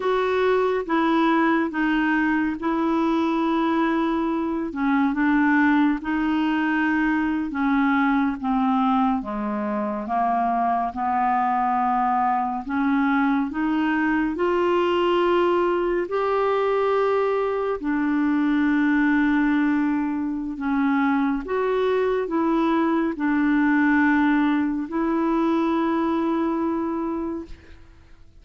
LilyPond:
\new Staff \with { instrumentName = "clarinet" } { \time 4/4 \tempo 4 = 70 fis'4 e'4 dis'4 e'4~ | e'4. cis'8 d'4 dis'4~ | dis'8. cis'4 c'4 gis4 ais16~ | ais8. b2 cis'4 dis'16~ |
dis'8. f'2 g'4~ g'16~ | g'8. d'2.~ d'16 | cis'4 fis'4 e'4 d'4~ | d'4 e'2. | }